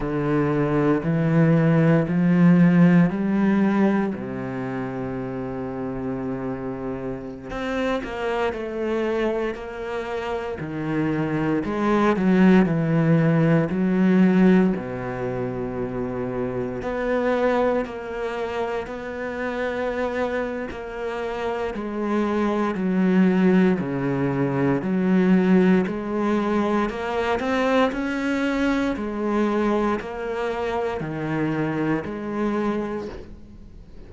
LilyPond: \new Staff \with { instrumentName = "cello" } { \time 4/4 \tempo 4 = 58 d4 e4 f4 g4 | c2.~ c16 c'8 ais16~ | ais16 a4 ais4 dis4 gis8 fis16~ | fis16 e4 fis4 b,4.~ b,16~ |
b,16 b4 ais4 b4.~ b16 | ais4 gis4 fis4 cis4 | fis4 gis4 ais8 c'8 cis'4 | gis4 ais4 dis4 gis4 | }